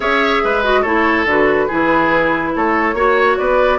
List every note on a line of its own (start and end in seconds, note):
0.00 0.41 C#4
0.00 0.63 G#4
0.00 0.42 C#5
0.00 0.63 E5
0.43 0.84 G#3
0.43 0.81 B4
0.63 0.84 F#4
0.63 0.82 D#5
0.81 1.25 A3
0.81 1.27 E4
0.81 1.65 A4
0.81 1.24 C#5
1.25 1.67 D3
1.25 1.69 F#4
1.25 2.56 B4
1.67 2.55 E3
1.67 2.95 E4
1.67 2.52 G#4
2.55 2.93 A3
2.55 2.95 A4
2.55 3.38 C#5
2.93 3.36 A#3
2.93 3.78 F#4
2.93 3.37 C#5
3.38 3.78 B3
3.38 3.78 B4
3.38 3.78 D5